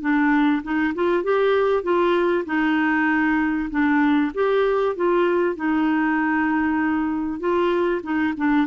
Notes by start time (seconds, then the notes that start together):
0.00 D4
0.63 D#4
0.94 F4
1.23 G4
1.82 F4
2.45 D#4
3.70 D4
4.34 G4
4.95 F4
5.55 D#4
7.39 F4
8.03 D#4
8.36 D4